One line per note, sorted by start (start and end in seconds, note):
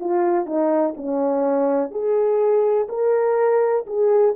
0.00 0.46 F4
0.46 0.94 D#4
0.97 1.91 C#4
1.91 2.88 G#4
2.89 3.85 A#4
3.87 4.35 G#4